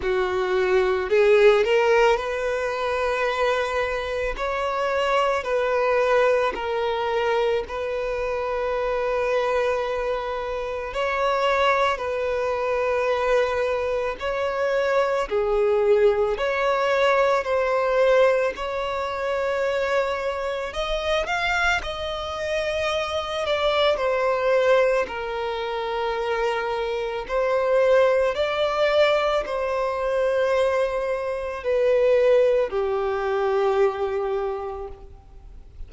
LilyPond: \new Staff \with { instrumentName = "violin" } { \time 4/4 \tempo 4 = 55 fis'4 gis'8 ais'8 b'2 | cis''4 b'4 ais'4 b'4~ | b'2 cis''4 b'4~ | b'4 cis''4 gis'4 cis''4 |
c''4 cis''2 dis''8 f''8 | dis''4. d''8 c''4 ais'4~ | ais'4 c''4 d''4 c''4~ | c''4 b'4 g'2 | }